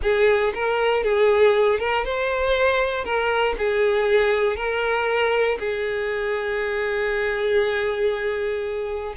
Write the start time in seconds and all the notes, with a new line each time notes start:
0.02 G#4
0.54 A#4
1.03 G#4
1.79 A#4
2.05 C5
3.04 A#4
3.58 G#4
4.56 A#4
5.59 G#4